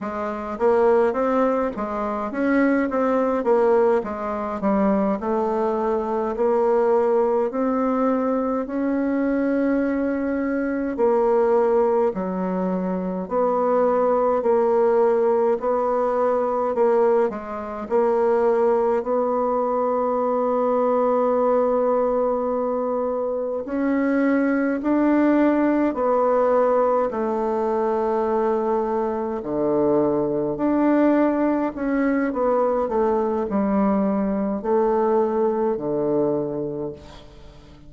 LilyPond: \new Staff \with { instrumentName = "bassoon" } { \time 4/4 \tempo 4 = 52 gis8 ais8 c'8 gis8 cis'8 c'8 ais8 gis8 | g8 a4 ais4 c'4 cis'8~ | cis'4. ais4 fis4 b8~ | b8 ais4 b4 ais8 gis8 ais8~ |
ais8 b2.~ b8~ | b8 cis'4 d'4 b4 a8~ | a4. d4 d'4 cis'8 | b8 a8 g4 a4 d4 | }